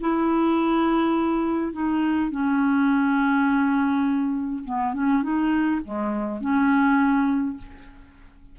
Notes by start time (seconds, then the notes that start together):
0.00 E4
1.72 D#4
2.30 C#4
4.64 B3
4.93 C#4
5.22 D#4
5.84 G#3
6.41 C#4